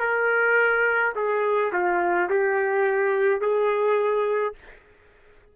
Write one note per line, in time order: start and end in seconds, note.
0.00 1.13 A#4
1.16 1.72 G#4
1.73 2.30 F4
2.30 3.41 G4
3.41 4.54 G#4